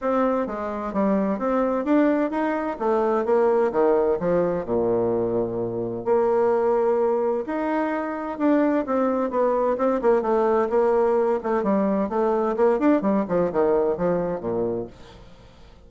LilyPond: \new Staff \with { instrumentName = "bassoon" } { \time 4/4 \tempo 4 = 129 c'4 gis4 g4 c'4 | d'4 dis'4 a4 ais4 | dis4 f4 ais,2~ | ais,4 ais2. |
dis'2 d'4 c'4 | b4 c'8 ais8 a4 ais4~ | ais8 a8 g4 a4 ais8 d'8 | g8 f8 dis4 f4 ais,4 | }